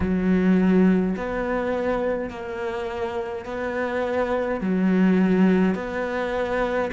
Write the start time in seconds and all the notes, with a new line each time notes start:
0.00 F#3
1.16 B3
2.30 A#3
3.45 B3
4.60 F#3
5.74 B3